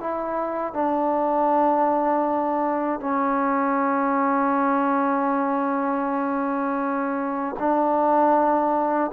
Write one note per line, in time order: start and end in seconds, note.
0.00 0.74 E4
0.74 3.00 D4
3.00 7.56 C#4
7.59 9.11 D4